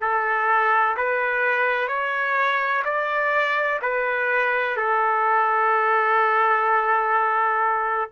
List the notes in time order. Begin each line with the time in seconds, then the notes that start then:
0.00 A4
0.96 B4
1.87 C#5
2.84 D5
3.81 B4
4.76 A4